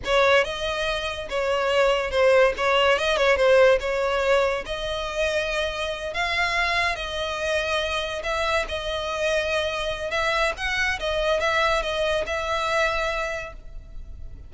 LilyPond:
\new Staff \with { instrumentName = "violin" } { \time 4/4 \tempo 4 = 142 cis''4 dis''2 cis''4~ | cis''4 c''4 cis''4 dis''8 cis''8 | c''4 cis''2 dis''4~ | dis''2~ dis''8 f''4.~ |
f''8 dis''2. e''8~ | e''8 dis''2.~ dis''8 | e''4 fis''4 dis''4 e''4 | dis''4 e''2. | }